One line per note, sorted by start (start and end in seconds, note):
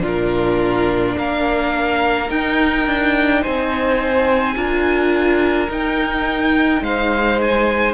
0.00 1.15 A#2
0.00 2.26 D4
0.00 1.16 F4
0.06 1.18 A#4
1.17 2.29 A#3
1.17 3.41 A#4
1.17 2.30 F5
2.27 4.54 D#4
2.27 2.86 D#4
2.27 3.43 G5
2.86 3.42 D4
3.41 4.55 C4
3.41 4.54 C5
3.41 5.70 G#5
4.55 5.68 D4
4.55 5.68 F4
4.55 6.82 A#4
5.69 7.93 D#4
5.69 6.80 D#4
5.69 6.83 G5
6.80 7.93 G#3
6.80 7.93 C5
6.80 7.40 F5
7.41 7.93 G#5